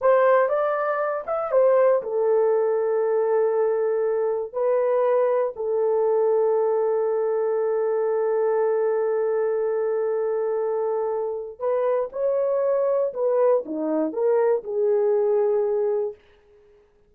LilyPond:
\new Staff \with { instrumentName = "horn" } { \time 4/4 \tempo 4 = 119 c''4 d''4. e''8 c''4 | a'1~ | a'4 b'2 a'4~ | a'1~ |
a'1~ | a'2. b'4 | cis''2 b'4 dis'4 | ais'4 gis'2. | }